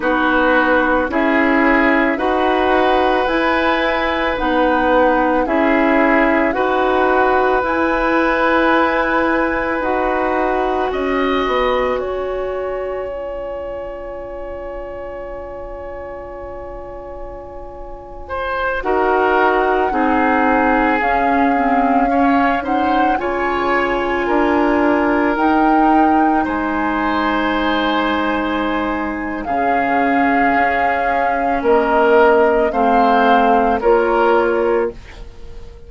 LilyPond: <<
  \new Staff \with { instrumentName = "flute" } { \time 4/4 \tempo 4 = 55 b'4 e''4 fis''4 gis''4 | fis''4 e''4 fis''4 gis''4~ | gis''4 fis''4 gis''2~ | gis''1~ |
gis''4~ gis''16 fis''2 f''8.~ | f''8. fis''8 gis''2 g''8.~ | g''16 gis''2~ gis''8. f''4~ | f''4 dis''4 f''4 cis''4 | }
  \new Staff \with { instrumentName = "oboe" } { \time 4/4 fis'4 gis'4 b'2~ | b'4 gis'4 b'2~ | b'2 dis''4 cis''4~ | cis''1~ |
cis''8. c''8 ais'4 gis'4.~ gis'16~ | gis'16 cis''8 c''8 cis''4 ais'4.~ ais'16~ | ais'16 c''2~ c''8. gis'4~ | gis'4 ais'4 c''4 ais'4 | }
  \new Staff \with { instrumentName = "clarinet" } { \time 4/4 dis'4 e'4 fis'4 e'4 | dis'4 e'4 fis'4 e'4~ | e'4 fis'2. | f'1~ |
f'4~ f'16 fis'4 dis'4 cis'8 c'16~ | c'16 cis'8 dis'8 f'2 dis'8.~ | dis'2. cis'4~ | cis'2 c'4 f'4 | }
  \new Staff \with { instrumentName = "bassoon" } { \time 4/4 b4 cis'4 dis'4 e'4 | b4 cis'4 dis'4 e'4~ | e'4 dis'4 cis'8 b8 cis'4~ | cis'1~ |
cis'4~ cis'16 dis'4 c'4 cis'8.~ | cis'4~ cis'16 cis4 d'4 dis'8.~ | dis'16 gis2~ gis8. cis4 | cis'4 ais4 a4 ais4 | }
>>